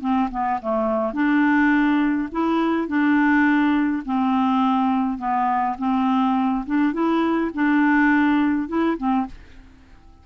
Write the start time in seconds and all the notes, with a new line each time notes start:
0.00 C4
0.31 B3
0.61 A3
1.13 D4
2.31 E4
2.87 D4
4.05 C4
5.18 B3
5.78 C4
6.66 D4
6.93 E4
7.54 D4
8.68 E4
8.97 C4